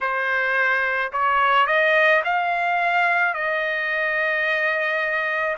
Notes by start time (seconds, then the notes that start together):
0.01 C5
1.12 C#5
1.67 D#5
2.24 F5
3.33 D#5